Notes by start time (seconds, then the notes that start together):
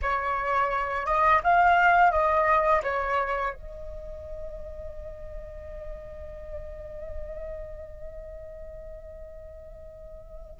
0.02 C#5
1.06 D#5
1.43 F5
2.11 D#5
2.83 C#5
3.54 D#5